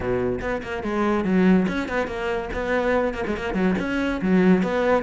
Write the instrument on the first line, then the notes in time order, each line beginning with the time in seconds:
cello
0.00 B2
0.41 B3
0.63 A#3
0.83 G#3
1.24 F#3
1.68 C#4
1.88 B3
2.07 A#3
2.53 B3
3.14 A#3
3.26 G#3
3.36 A#3
3.54 F#3
3.79 C#4
4.21 F#3
4.62 B3